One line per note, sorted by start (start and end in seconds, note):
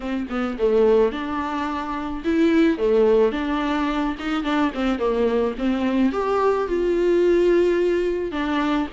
0.00 0.26 C4
0.29 0.57 B3
0.58 1.12 A3
1.12 2.23 D4
2.24 2.78 E4
2.78 3.32 A3
3.32 4.15 D4
4.19 4.43 D#4
4.43 4.71 D4
4.74 4.98 C4
4.98 5.54 A#3
5.58 6.12 C4
6.12 6.67 G4
6.67 8.31 F4
8.31 8.87 D4